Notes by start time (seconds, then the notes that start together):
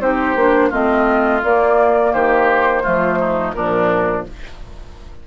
0.00 C4 D#4 G4 C5
0.35 A#3 D4
0.70 A3 C4 F4 D#5
1.43 A#3 D5
2.13 D#3 G4 C5
2.83 F3 A3 F4
3.20 D#4
3.53 A#2 F3 D4 A#4